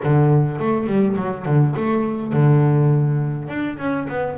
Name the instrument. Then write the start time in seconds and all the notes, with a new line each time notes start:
double bass
0.03 D3
0.59 A3
0.87 G3
1.16 F#3
1.45 D3
1.76 A3
2.32 D3
3.48 D4
3.78 C#4
4.08 B3